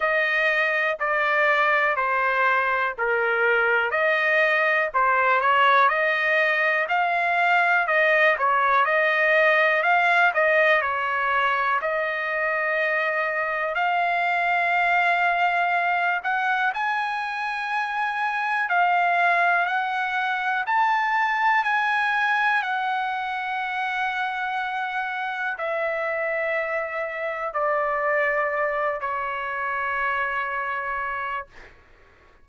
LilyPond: \new Staff \with { instrumentName = "trumpet" } { \time 4/4 \tempo 4 = 61 dis''4 d''4 c''4 ais'4 | dis''4 c''8 cis''8 dis''4 f''4 | dis''8 cis''8 dis''4 f''8 dis''8 cis''4 | dis''2 f''2~ |
f''8 fis''8 gis''2 f''4 | fis''4 a''4 gis''4 fis''4~ | fis''2 e''2 | d''4. cis''2~ cis''8 | }